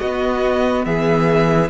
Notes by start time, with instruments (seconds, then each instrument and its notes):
0.00 cello B3, viola B3, violin F#4 D#5
0.86 cello E3, violin G#4 E5